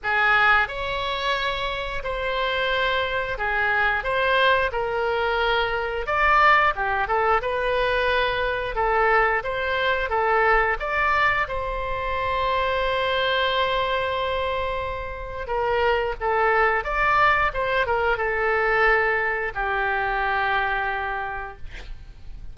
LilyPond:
\new Staff \with { instrumentName = "oboe" } { \time 4/4 \tempo 4 = 89 gis'4 cis''2 c''4~ | c''4 gis'4 c''4 ais'4~ | ais'4 d''4 g'8 a'8 b'4~ | b'4 a'4 c''4 a'4 |
d''4 c''2.~ | c''2. ais'4 | a'4 d''4 c''8 ais'8 a'4~ | a'4 g'2. | }